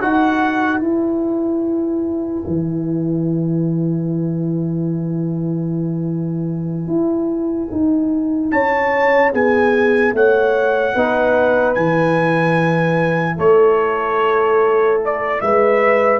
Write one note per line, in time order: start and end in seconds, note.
0.00 0.81 D#4
0.00 0.82 F#4
0.00 8.51 B4
0.00 0.80 F#5
0.80 2.43 E4
0.80 10.95 E4
0.80 8.51 G#5
2.47 6.87 E3
6.87 7.69 E4
7.71 8.52 D#4
8.51 9.33 C#4
8.51 9.32 C#5
8.51 9.32 A5
9.32 10.13 B3
9.32 10.14 G#4
9.32 10.15 G#5
10.13 10.94 A3
10.13 10.95 C#5
10.13 11.75 F#5
10.95 11.76 B3
10.95 11.76 D#4
10.95 13.37 B4
11.75 13.38 E3
11.75 16.20 E4
11.75 13.37 G#5
13.37 15.41 A3
13.37 15.39 A4
13.37 15.01 C#5
15.05 15.41 D5
15.41 16.20 G#3
15.41 16.20 B4
15.41 16.20 E5